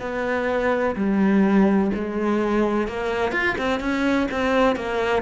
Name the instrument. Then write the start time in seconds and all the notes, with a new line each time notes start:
cello
0.00 B3
0.95 G3
1.94 G#3
2.87 A#3
3.32 F4
3.58 C4
3.80 C#4
4.31 C4
4.76 A#3